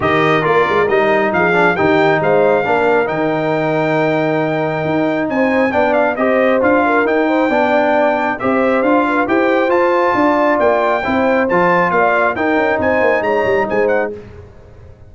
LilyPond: <<
  \new Staff \with { instrumentName = "trumpet" } { \time 4/4 \tempo 4 = 136 dis''4 d''4 dis''4 f''4 | g''4 f''2 g''4~ | g''1 | gis''4 g''8 f''8 dis''4 f''4 |
g''2. e''4 | f''4 g''4 a''2 | g''2 a''4 f''4 | g''4 gis''4 ais''4 gis''8 fis''8 | }
  \new Staff \with { instrumentName = "horn" } { \time 4/4 ais'2. gis'4 | g'4 c''4 ais'2~ | ais'1 | c''4 d''4 c''4. ais'8~ |
ais'8 c''8 d''2 c''4~ | c''8 b'8 c''2 d''4~ | d''4 c''2 d''4 | ais'4 c''4 cis''4 c''4 | }
  \new Staff \with { instrumentName = "trombone" } { \time 4/4 g'4 f'4 dis'4. d'8 | dis'2 d'4 dis'4~ | dis'1~ | dis'4 d'4 g'4 f'4 |
dis'4 d'2 g'4 | f'4 g'4 f'2~ | f'4 e'4 f'2 | dis'1 | }
  \new Staff \with { instrumentName = "tuba" } { \time 4/4 dis4 ais8 gis8 g4 f4 | dis4 gis4 ais4 dis4~ | dis2. dis'4 | c'4 b4 c'4 d'4 |
dis'4 b2 c'4 | d'4 e'4 f'4 d'4 | ais4 c'4 f4 ais4 | dis'8 cis'8 c'8 ais8 gis8 g8 gis4 | }
>>